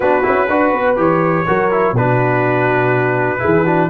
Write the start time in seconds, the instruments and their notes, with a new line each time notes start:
0.00 tuba B3, trombone D4, horn F#4, trumpet B4
0.22 tuba C#4, trombone E4
0.48 tuba D4, trombone F#4, horn B4
0.73 tuba B3
0.96 tuba E3, trombone G4, trumpet C#5
1.47 tuba F#3, trombone F#4, horn A#4
1.71 trombone E4
1.92 tuba B2, trombone D4, horn F#4, trumpet B4
3.39 trombone E4, horn G#4
3.45 tuba E3
3.64 trombone D4, horn F#4